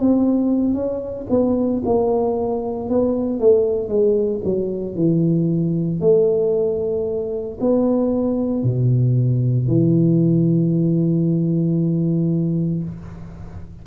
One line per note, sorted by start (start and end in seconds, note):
0.00 0.74 C4
0.74 1.27 C#4
1.30 1.82 B3
1.86 2.89 A#3
2.89 3.40 B3
3.40 3.89 A3
3.89 4.42 G#3
4.44 4.96 F#3
4.96 6.00 E3
6.00 7.58 A3
7.61 8.64 B3
8.64 9.68 B2
9.68 12.84 E3